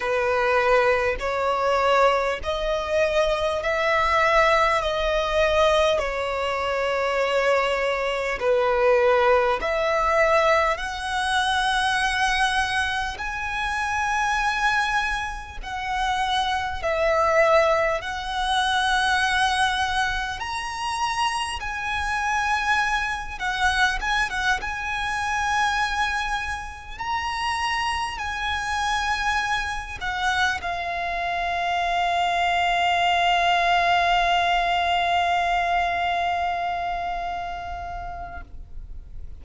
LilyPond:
\new Staff \with { instrumentName = "violin" } { \time 4/4 \tempo 4 = 50 b'4 cis''4 dis''4 e''4 | dis''4 cis''2 b'4 | e''4 fis''2 gis''4~ | gis''4 fis''4 e''4 fis''4~ |
fis''4 ais''4 gis''4. fis''8 | gis''16 fis''16 gis''2 ais''4 gis''8~ | gis''4 fis''8 f''2~ f''8~ | f''1 | }